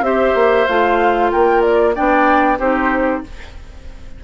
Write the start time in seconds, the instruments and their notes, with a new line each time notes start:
0.00 bassoon C4, clarinet G4, oboe C5, flute E5
0.34 bassoon A#3
0.66 bassoon A3, clarinet F4, flute F5
1.31 bassoon A#3, oboe A#4, flute G5
1.62 flute D5
1.94 bassoon B3, clarinet D4, oboe D5, flute G5
2.58 bassoon C4, clarinet D#4, oboe G4, flute C5